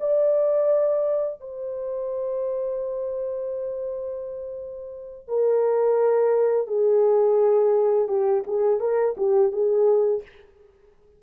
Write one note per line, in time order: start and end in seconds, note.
0.00 1.41 D5
1.41 5.28 C5
5.28 6.67 A#4
6.67 8.08 G#4
8.08 8.44 G4
8.47 8.80 G#4
8.80 9.15 A#4
9.17 9.52 G4
9.52 10.23 G#4